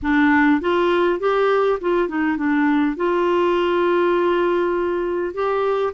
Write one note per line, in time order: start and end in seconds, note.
0.02 0.60 D4
0.60 1.19 F4
1.19 1.79 G4
1.80 2.08 F4
2.08 2.37 D#4
2.37 2.96 D4
2.96 5.34 F4
5.34 5.93 G4